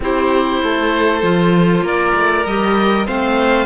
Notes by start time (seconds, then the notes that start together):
0.00 C4 E4 G4 C5
0.63 A3 A4
1.22 F3 F4
1.81 A#3 A#4 D5
2.15 A3
2.45 G3 G4 D#5
3.06 A3 C4 C5 F5